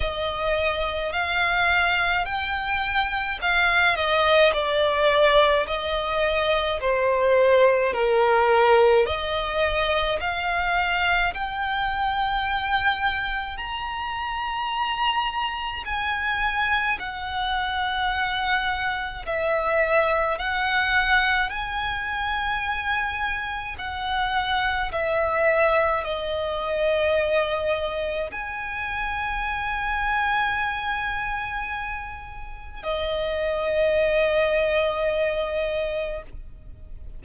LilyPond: \new Staff \with { instrumentName = "violin" } { \time 4/4 \tempo 4 = 53 dis''4 f''4 g''4 f''8 dis''8 | d''4 dis''4 c''4 ais'4 | dis''4 f''4 g''2 | ais''2 gis''4 fis''4~ |
fis''4 e''4 fis''4 gis''4~ | gis''4 fis''4 e''4 dis''4~ | dis''4 gis''2.~ | gis''4 dis''2. | }